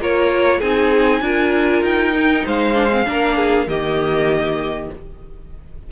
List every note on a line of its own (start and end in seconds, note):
0.00 0.61 A#3
0.00 0.62 F4
0.00 0.59 A#4
0.00 0.61 C#5
0.59 1.21 C4
0.59 1.22 D#4
0.59 1.20 G#4
0.59 1.83 G#5
1.21 1.82 D4
1.21 2.14 F4
1.21 2.44 A#4
1.82 2.43 D#4
1.82 2.46 G5
2.16 2.74 D#4
2.44 3.08 G#3
2.44 3.05 C5
2.44 3.69 F5
2.74 2.89 D4
2.91 3.05 C4
3.05 3.67 A#3
3.05 3.67 D4
3.05 3.37 A#4
3.37 3.67 G#4
3.67 4.90 D#3
3.67 4.91 A#3
3.67 4.90 G4
3.67 4.91 D#5